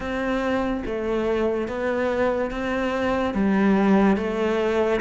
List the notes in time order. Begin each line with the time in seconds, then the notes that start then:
0.00 C4
0.85 A3
1.68 B3
2.50 C4
3.34 G3
4.17 A3